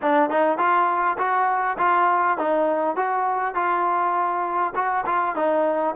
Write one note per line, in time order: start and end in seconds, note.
0.02 0.29 D4
0.29 0.58 D#4
0.58 1.17 F4
1.17 1.77 F#4
1.78 2.38 F4
2.38 2.95 D#4
2.95 3.54 F#4
3.54 4.73 F4
4.75 5.04 F#4
5.05 5.35 F4
5.35 5.95 D#4